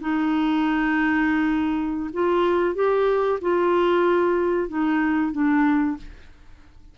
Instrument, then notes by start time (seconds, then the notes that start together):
clarinet
0.00 D#4
2.13 F4
2.75 G4
3.41 F4
4.68 D#4
5.32 D4